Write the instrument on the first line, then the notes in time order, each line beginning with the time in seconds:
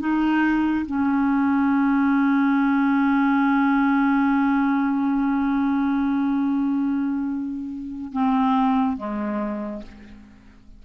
clarinet
0.00 D#4
0.86 C#4
8.13 C4
8.97 G#3